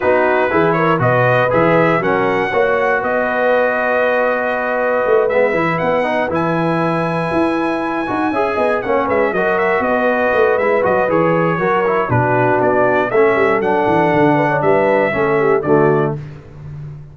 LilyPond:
<<
  \new Staff \with { instrumentName = "trumpet" } { \time 4/4 \tempo 4 = 119 b'4. cis''8 dis''4 e''4 | fis''2 dis''2~ | dis''2~ dis''8 e''4 fis''8~ | fis''8 gis''2.~ gis''8~ |
gis''4. fis''8 e''8 dis''8 e''8 dis''8~ | dis''4 e''8 dis''8 cis''2 | b'4 d''4 e''4 fis''4~ | fis''4 e''2 d''4 | }
  \new Staff \with { instrumentName = "horn" } { \time 4/4 fis'4 gis'8 ais'8 b'2 | ais'4 cis''4 b'2~ | b'1~ | b'1~ |
b'8 e''8 dis''8 cis''8 b'8 ais'4 b'8~ | b'2. ais'4 | fis'2 a'2~ | a'8 b'16 cis''16 b'4 a'8 g'8 fis'4 | }
  \new Staff \with { instrumentName = "trombone" } { \time 4/4 dis'4 e'4 fis'4 gis'4 | cis'4 fis'2.~ | fis'2~ fis'8 b8 e'4 | dis'8 e'2.~ e'8 |
fis'8 gis'4 cis'4 fis'4.~ | fis'4 e'8 fis'8 gis'4 fis'8 e'8 | d'2 cis'4 d'4~ | d'2 cis'4 a4 | }
  \new Staff \with { instrumentName = "tuba" } { \time 4/4 b4 e4 b,4 e4 | fis4 ais4 b2~ | b2 a8 gis8 e8 b8~ | b8 e2 e'4. |
dis'8 cis'8 b8 ais8 gis8 fis4 b8~ | b8 a8 gis8 fis8 e4 fis4 | b,4 b4 a8 g8 fis8 e8 | d4 g4 a4 d4 | }
>>